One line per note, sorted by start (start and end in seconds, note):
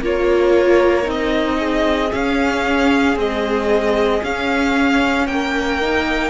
0.00 1.06 A#3
0.00 1.03 F4
0.00 1.57 A#4
0.00 1.10 C#5
1.03 2.11 C4
1.03 2.08 D#4
1.10 2.12 D#5
1.57 5.26 G#4
2.12 3.17 C#4
2.12 3.16 C#4
2.12 3.18 F5
3.16 4.23 G#3
3.16 4.21 C4
3.16 4.24 D#5
4.23 5.27 C#4
4.23 5.81 C#4
4.23 5.27 F5
5.27 6.30 A#3
5.27 6.30 A#4
5.27 6.30 G5
5.81 6.30 D#4